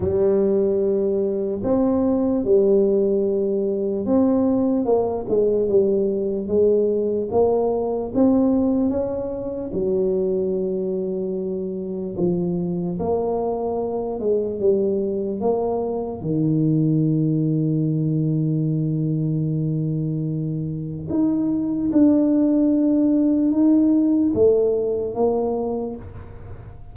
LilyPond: \new Staff \with { instrumentName = "tuba" } { \time 4/4 \tempo 4 = 74 g2 c'4 g4~ | g4 c'4 ais8 gis8 g4 | gis4 ais4 c'4 cis'4 | fis2. f4 |
ais4. gis8 g4 ais4 | dis1~ | dis2 dis'4 d'4~ | d'4 dis'4 a4 ais4 | }